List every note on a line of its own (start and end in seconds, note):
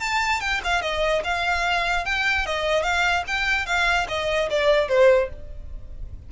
0.00 0.41 A5
0.41 0.61 G5
0.64 0.82 F5
0.82 1.23 D#5
1.24 2.05 F5
2.05 2.46 G5
2.46 2.83 D#5
2.83 3.24 F5
3.27 3.66 G5
3.66 4.07 F5
4.09 4.49 D#5
4.50 4.88 D5
4.88 5.29 C5